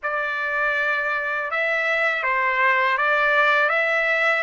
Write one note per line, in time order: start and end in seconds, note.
0.02 1.51 D5
1.51 2.23 E5
2.23 2.97 C5
2.97 3.69 D5
3.69 4.43 E5